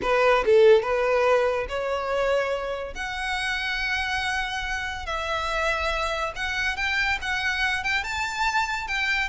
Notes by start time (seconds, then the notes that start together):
0.02 B4
0.45 A4
0.82 B4
1.68 C#5
2.94 F#5
5.06 E5
6.35 F#5
6.76 G5
7.21 F#5
7.83 G5
8.03 A5
8.87 G5